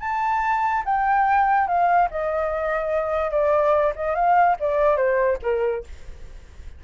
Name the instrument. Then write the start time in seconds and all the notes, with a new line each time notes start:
flute
0.00 A5
0.84 G5
1.67 F5
2.10 D#5
3.30 D5
3.95 D#5
4.15 F5
4.59 D5
4.96 C5
5.42 A#4